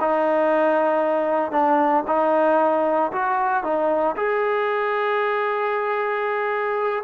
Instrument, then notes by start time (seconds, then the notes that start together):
trombone
0.00 D#4
1.52 D4
2.07 D#4
3.12 F#4
3.63 D#4
4.16 G#4